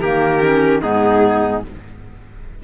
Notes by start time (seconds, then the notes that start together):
0.00 D#3 A#3 G4 A#4
0.43 C#4
0.82 G#2 B3 D#4 G#4